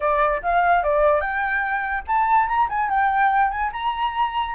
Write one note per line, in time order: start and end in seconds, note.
0.00 0.41 D5
0.42 0.83 F5
0.83 1.21 D5
1.21 2.03 G5
2.07 2.47 A5
2.47 2.68 A#5
2.69 2.89 G#5
2.89 3.50 G5
3.50 3.71 G#5
3.72 4.55 A#5